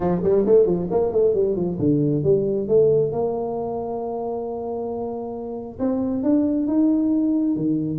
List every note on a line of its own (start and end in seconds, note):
0.00 0.21 F3
0.23 0.45 G3
0.45 0.65 A3
0.65 0.88 F3
0.90 1.12 A#3
1.12 1.34 A3
1.34 1.56 G3
1.56 1.78 F3
1.79 2.23 D3
2.23 2.68 G3
2.68 3.12 A3
3.12 5.78 A#3
5.79 6.23 C4
6.23 6.67 D4
6.67 7.56 D#4
7.56 7.98 D#3